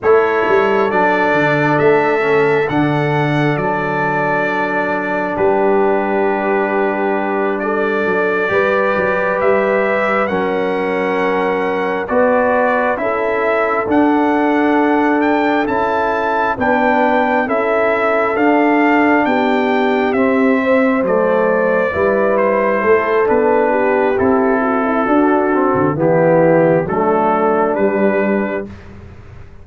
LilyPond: <<
  \new Staff \with { instrumentName = "trumpet" } { \time 4/4 \tempo 4 = 67 cis''4 d''4 e''4 fis''4 | d''2 b'2~ | b'8 d''2 e''4 fis''8~ | fis''4. d''4 e''4 fis''8~ |
fis''4 g''8 a''4 g''4 e''8~ | e''8 f''4 g''4 e''4 d''8~ | d''4 c''4 b'4 a'4~ | a'4 g'4 a'4 b'4 | }
  \new Staff \with { instrumentName = "horn" } { \time 4/4 a'1~ | a'2 g'2~ | g'8 a'4 b'2 ais'8~ | ais'4. b'4 a'4.~ |
a'2~ a'8 b'4 a'8~ | a'4. g'4. c''4~ | c''8 b'4 a'4 g'4 fis'16 e'16 | fis'4 e'4 d'2 | }
  \new Staff \with { instrumentName = "trombone" } { \time 4/4 e'4 d'4. cis'8 d'4~ | d'1~ | d'4. g'2 cis'8~ | cis'4. fis'4 e'4 d'8~ |
d'4. e'4 d'4 e'8~ | e'8 d'2 c'4 a8~ | a8 e'4. d'4 e'4 | d'8 c'8 b4 a4 g4 | }
  \new Staff \with { instrumentName = "tuba" } { \time 4/4 a8 g8 fis8 d8 a4 d4 | fis2 g2~ | g4 fis8 g8 fis8 g4 fis8~ | fis4. b4 cis'4 d'8~ |
d'4. cis'4 b4 cis'8~ | cis'8 d'4 b4 c'4 fis8~ | fis8 g4 a8 b4 c'4 | d'8. d16 e4 fis4 g4 | }
>>